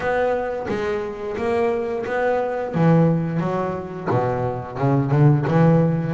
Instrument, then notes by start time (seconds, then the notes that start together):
double bass
0.00 B3
0.68 G#3
1.37 A#3
2.06 B3
2.74 E3
3.39 F#3
4.10 B2
4.77 C#3
5.11 D3
5.47 E3